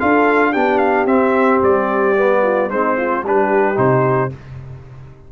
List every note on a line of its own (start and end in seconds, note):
0.00 0.56 D4
0.00 0.54 F4
0.00 0.52 A4
0.00 0.53 F5
0.52 1.06 B3
0.52 1.08 D4
0.52 2.41 G4
0.52 0.79 G5
0.79 1.06 F5
1.06 1.60 C4
1.06 2.16 C4
1.06 1.61 E5
1.63 2.71 G3
1.63 2.70 D5
2.16 2.70 B3
2.43 2.70 F4
2.70 3.24 G#3
2.70 3.25 C4
2.70 2.97 D#4
2.70 3.25 C5
2.97 3.24 F4
3.24 3.78 G3
3.24 3.76 D4
3.24 4.33 G4
3.24 3.79 B4
3.76 4.32 C3
3.76 4.30 D#4
3.76 4.33 C5